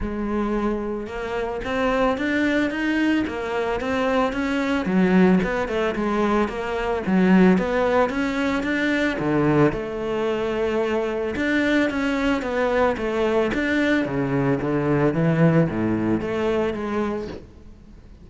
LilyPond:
\new Staff \with { instrumentName = "cello" } { \time 4/4 \tempo 4 = 111 gis2 ais4 c'4 | d'4 dis'4 ais4 c'4 | cis'4 fis4 b8 a8 gis4 | ais4 fis4 b4 cis'4 |
d'4 d4 a2~ | a4 d'4 cis'4 b4 | a4 d'4 cis4 d4 | e4 a,4 a4 gis4 | }